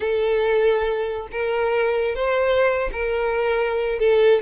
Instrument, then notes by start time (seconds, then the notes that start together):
violin
0.00 A4
1.31 A#4
2.15 C5
2.92 A#4
3.99 A4